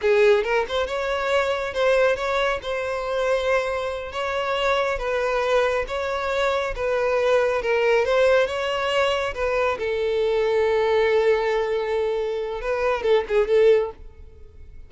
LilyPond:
\new Staff \with { instrumentName = "violin" } { \time 4/4 \tempo 4 = 138 gis'4 ais'8 c''8 cis''2 | c''4 cis''4 c''2~ | c''4. cis''2 b'8~ | b'4. cis''2 b'8~ |
b'4. ais'4 c''4 cis''8~ | cis''4. b'4 a'4.~ | a'1~ | a'4 b'4 a'8 gis'8 a'4 | }